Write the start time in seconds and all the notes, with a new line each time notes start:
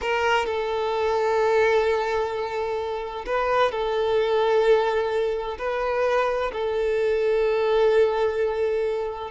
0.01 A#4
0.46 A4
3.26 B4
3.71 A4
5.58 B4
6.52 A4